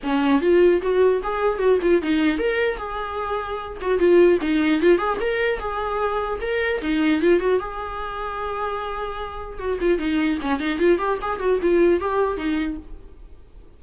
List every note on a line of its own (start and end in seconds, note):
0.03 0.41 C#4
0.41 0.81 F4
0.82 1.22 F#4
1.23 1.58 G#4
1.58 1.78 F#4
1.81 2.01 F4
2.02 2.38 D#4
2.38 2.77 A#4
2.77 3.77 G#4
3.81 3.99 F#4
3.99 4.39 F4
4.41 4.81 D#4
4.81 4.98 F4
4.98 5.18 G#4
5.20 5.59 A#4
5.59 6.39 G#4
6.41 6.81 A#4
6.81 7.21 D#4
7.21 7.40 F4
7.40 7.59 F#4
7.59 9.58 G#4
9.58 9.78 F#4
9.81 9.98 F4
9.98 10.38 D#4
10.41 10.59 C#4
10.59 10.79 D#4
10.79 10.98 F4
10.98 11.18 G4
11.21 11.39 G#4
11.39 11.59 F#4
11.62 12.00 F4
12.00 12.37 G4
12.37 12.77 D#4